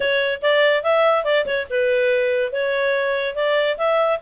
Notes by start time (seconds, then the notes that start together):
0.00 C#5
0.42 D5
0.83 E5
1.24 D5
1.46 C#5
1.70 B4
2.52 C#5
3.35 D5
3.77 E5